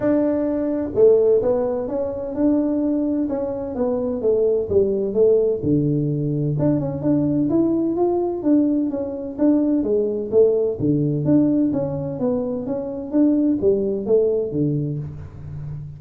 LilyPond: \new Staff \with { instrumentName = "tuba" } { \time 4/4 \tempo 4 = 128 d'2 a4 b4 | cis'4 d'2 cis'4 | b4 a4 g4 a4 | d2 d'8 cis'8 d'4 |
e'4 f'4 d'4 cis'4 | d'4 gis4 a4 d4 | d'4 cis'4 b4 cis'4 | d'4 g4 a4 d4 | }